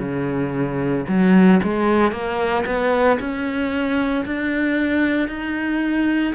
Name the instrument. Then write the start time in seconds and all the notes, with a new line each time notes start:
cello
0.00 C#3
1.09 F#3
1.64 G#3
2.12 A#3
2.67 B3
3.20 C#4
4.26 D4
5.29 D#4